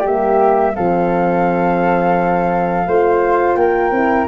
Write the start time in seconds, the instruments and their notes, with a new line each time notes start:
0.00 tuba G3, horn A#3, flute G4
0.06 flute E5
0.74 tuba F3, horn C4, flute A4 F5
2.86 tuba A3, horn F4, flute C5
3.55 tuba A#3, flute A#4 G5
3.91 tuba C4, horn E4